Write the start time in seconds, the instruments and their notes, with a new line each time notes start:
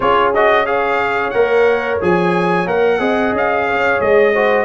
0.00 tuba C#4, trombone F4, horn G#4, trumpet C#5
0.34 trombone F#4, trumpet D#5
0.65 trombone G#4, horn C#5, trumpet F5
1.30 tuba A#3, trombone A#4, trumpet F#5
2.01 tuba F3, trombone G#4, trumpet G#5
2.66 tuba A#3, trombone A#4, trumpet F#5
2.99 tuba C4, trombone G#4, horn D#5
3.32 tuba C#4, trumpet F5
3.67 horn C#5
4.00 tuba G#3, trumpet D#5
4.33 trombone F#4, horn C5